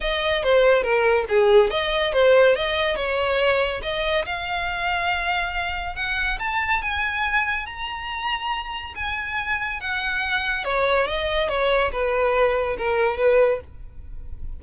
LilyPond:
\new Staff \with { instrumentName = "violin" } { \time 4/4 \tempo 4 = 141 dis''4 c''4 ais'4 gis'4 | dis''4 c''4 dis''4 cis''4~ | cis''4 dis''4 f''2~ | f''2 fis''4 a''4 |
gis''2 ais''2~ | ais''4 gis''2 fis''4~ | fis''4 cis''4 dis''4 cis''4 | b'2 ais'4 b'4 | }